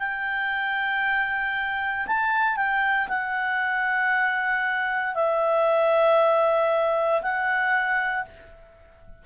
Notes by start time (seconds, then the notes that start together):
0.00 G5
2.07 A5
2.57 G5
3.09 F#5
5.15 E5
7.22 F#5